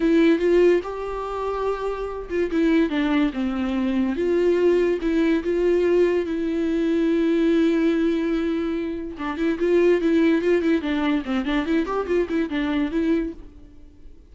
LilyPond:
\new Staff \with { instrumentName = "viola" } { \time 4/4 \tempo 4 = 144 e'4 f'4 g'2~ | g'4. f'8 e'4 d'4 | c'2 f'2 | e'4 f'2 e'4~ |
e'1~ | e'2 d'8 e'8 f'4 | e'4 f'8 e'8 d'4 c'8 d'8 | e'8 g'8 f'8 e'8 d'4 e'4 | }